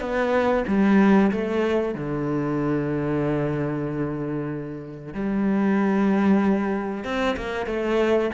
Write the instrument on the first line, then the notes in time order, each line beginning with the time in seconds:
cello
0.00 B3
0.67 G3
1.31 A3
1.94 D3
5.13 G3
7.04 C4
7.36 A#3
7.66 A3